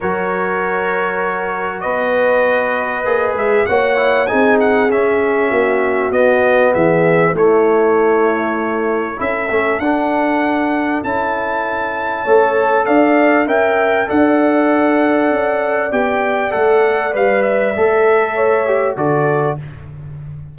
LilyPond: <<
  \new Staff \with { instrumentName = "trumpet" } { \time 4/4 \tempo 4 = 98 cis''2. dis''4~ | dis''4. e''8 fis''4 gis''8 fis''8 | e''2 dis''4 e''4 | cis''2. e''4 |
fis''2 a''2~ | a''4 f''4 g''4 fis''4~ | fis''2 g''4 fis''4 | f''8 e''2~ e''8 d''4 | }
  \new Staff \with { instrumentName = "horn" } { \time 4/4 ais'2. b'4~ | b'2 cis''4 gis'4~ | gis'4 fis'2 gis'4 | e'2. a'4~ |
a'1 | cis''4 d''4 e''4 d''4~ | d''1~ | d''2 cis''4 a'4 | }
  \new Staff \with { instrumentName = "trombone" } { \time 4/4 fis'1~ | fis'4 gis'4 fis'8 e'8 dis'4 | cis'2 b2 | a2. e'8 cis'8 |
d'2 e'2 | a'2 ais'4 a'4~ | a'2 g'4 a'4 | b'4 a'4. g'8 fis'4 | }
  \new Staff \with { instrumentName = "tuba" } { \time 4/4 fis2. b4~ | b4 ais8 gis8 ais4 c'4 | cis'4 ais4 b4 e4 | a2. cis'8 a8 |
d'2 cis'2 | a4 d'4 cis'4 d'4~ | d'4 cis'4 b4 a4 | g4 a2 d4 | }
>>